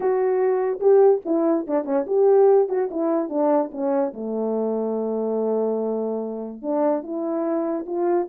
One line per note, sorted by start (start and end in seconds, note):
0.00 0.79 F#4
0.80 1.21 G4
1.25 1.66 E4
1.67 1.85 D4
1.85 2.05 C#4
2.07 2.68 G4
2.68 2.89 F#4
2.91 3.29 E4
3.29 3.70 D4
3.71 4.12 C#4
4.13 6.62 A3
6.62 7.02 D4
7.02 7.85 E4
7.86 8.28 F4